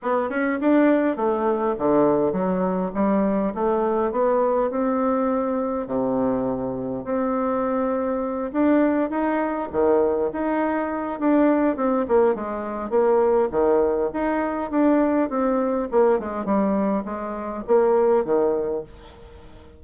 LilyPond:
\new Staff \with { instrumentName = "bassoon" } { \time 4/4 \tempo 4 = 102 b8 cis'8 d'4 a4 d4 | fis4 g4 a4 b4 | c'2 c2 | c'2~ c'8 d'4 dis'8~ |
dis'8 dis4 dis'4. d'4 | c'8 ais8 gis4 ais4 dis4 | dis'4 d'4 c'4 ais8 gis8 | g4 gis4 ais4 dis4 | }